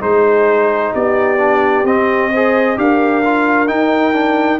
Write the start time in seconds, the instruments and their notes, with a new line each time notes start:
0.00 tuba G#3, trombone D#4, horn G#4, trumpet C5
0.93 tuba B3, horn G4, trumpet D5
1.38 trombone D4
1.84 tuba C4, trombone C4, trumpet D#5
2.31 trombone G#4, horn C5
2.77 tuba D4, trombone G4, horn A#4, trumpet F5
3.25 trombone F4
3.67 trombone D#4, tuba D#4, trumpet G5
4.13 trombone D4